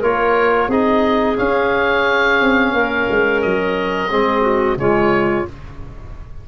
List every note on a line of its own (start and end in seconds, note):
0.00 0.68 A#3
0.00 0.70 F4
0.00 0.68 A#4
0.00 0.71 C#5
0.68 1.36 C4
0.68 1.36 D#4
0.68 2.72 G#4
0.68 1.37 D#5
1.36 4.08 C#4
1.36 2.41 C#4
1.36 3.41 F5
2.41 2.72 C4
2.72 3.07 A#3
2.72 4.10 A#4
3.10 3.44 G#3
3.41 4.11 F#3
3.41 4.78 D#5
4.09 4.76 G#3
4.09 4.77 C4
4.09 4.41 G#4
4.41 4.75 F#4
4.76 5.45 C#3
4.76 5.46 G#3
4.76 5.48 F4
4.76 5.46 C#5